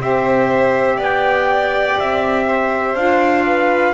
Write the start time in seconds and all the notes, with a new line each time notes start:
0.00 C4 G4 C5 E5
0.97 B3 D5 G5
1.99 C4 E5
2.47 C5
2.95 D4 F4 F5
3.46 B4